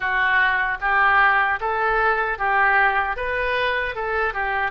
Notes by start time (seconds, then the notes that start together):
0.00 F#4
0.80 G4
1.60 A4
2.38 G4
3.16 B4
3.95 A4
4.33 G4